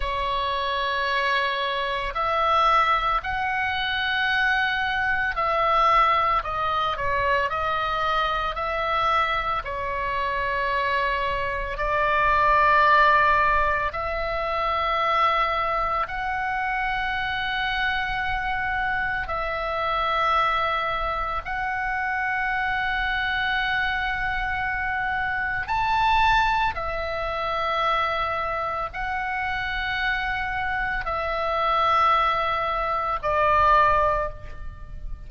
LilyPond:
\new Staff \with { instrumentName = "oboe" } { \time 4/4 \tempo 4 = 56 cis''2 e''4 fis''4~ | fis''4 e''4 dis''8 cis''8 dis''4 | e''4 cis''2 d''4~ | d''4 e''2 fis''4~ |
fis''2 e''2 | fis''1 | a''4 e''2 fis''4~ | fis''4 e''2 d''4 | }